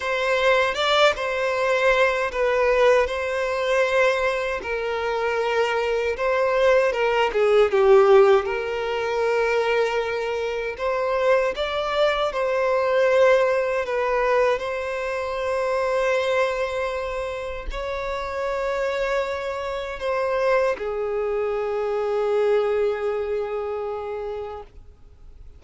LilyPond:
\new Staff \with { instrumentName = "violin" } { \time 4/4 \tempo 4 = 78 c''4 d''8 c''4. b'4 | c''2 ais'2 | c''4 ais'8 gis'8 g'4 ais'4~ | ais'2 c''4 d''4 |
c''2 b'4 c''4~ | c''2. cis''4~ | cis''2 c''4 gis'4~ | gis'1 | }